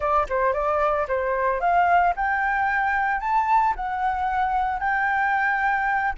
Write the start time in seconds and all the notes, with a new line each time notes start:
0.00 D5
0.29 C5
0.53 D5
1.08 C5
1.60 F5
2.16 G5
3.20 A5
3.76 F#5
4.79 G5